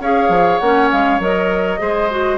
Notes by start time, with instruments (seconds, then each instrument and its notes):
0.00 bassoon C#4, clarinet G#4, oboe C#5, flute F5
0.29 bassoon F3
0.58 bassoon A#3, clarinet C#4, flute F#5
0.91 bassoon G#3, flute F5
1.19 bassoon F#3, clarinet A#4, flute D#5
1.78 bassoon G#3, clarinet G#4, oboe C5
2.10 clarinet F#4